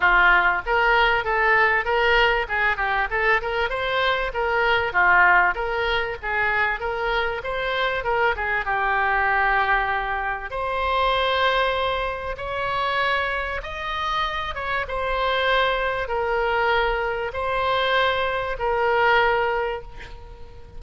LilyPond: \new Staff \with { instrumentName = "oboe" } { \time 4/4 \tempo 4 = 97 f'4 ais'4 a'4 ais'4 | gis'8 g'8 a'8 ais'8 c''4 ais'4 | f'4 ais'4 gis'4 ais'4 | c''4 ais'8 gis'8 g'2~ |
g'4 c''2. | cis''2 dis''4. cis''8 | c''2 ais'2 | c''2 ais'2 | }